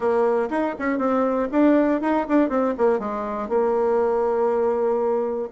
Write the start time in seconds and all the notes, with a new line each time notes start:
0.00 A#3
0.50 D#4
0.78 C#4
0.98 C4
1.51 D4
2.01 D#4
2.28 D4
2.49 C4
2.77 A#3
2.99 G#3
3.49 A#3